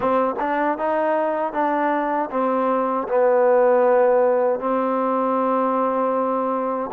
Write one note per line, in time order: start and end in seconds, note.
0.00 0.35 C4
0.39 0.77 D4
0.77 1.52 D#4
1.52 2.29 D4
2.30 3.07 C4
3.08 4.59 B3
4.59 6.90 C4